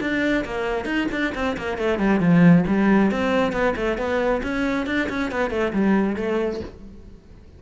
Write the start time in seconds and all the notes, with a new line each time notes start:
0.00 D4
0.45 A#3
0.85 D#4
1.11 D4
1.35 C4
1.57 A#3
1.77 A3
1.99 G3
2.20 F3
2.67 G3
3.11 C4
3.52 B3
3.76 A3
3.97 B3
4.43 C#4
4.86 D4
5.09 C#4
5.31 B3
5.50 A3
5.73 G3
6.16 A3